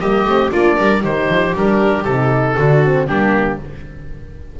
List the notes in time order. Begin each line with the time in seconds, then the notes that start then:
0.00 G3 A#3 G4 D#5
0.25 A3 C4
0.50 A#3 D4 F4 D5
0.77 G3 A#4
1.02 D#3 D#4 G4 C5
1.29 F3
1.55 G3 D4 A#4
2.04 C3 D#4 A4
2.56 D3 D4 F#4
2.85 C4
3.08 G3 A#3 D4 G4